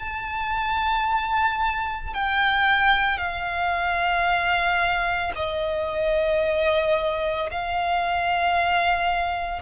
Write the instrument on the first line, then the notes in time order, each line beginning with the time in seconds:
violin
0.00 A5
2.14 G5
3.18 F5
5.36 D#5
7.51 F5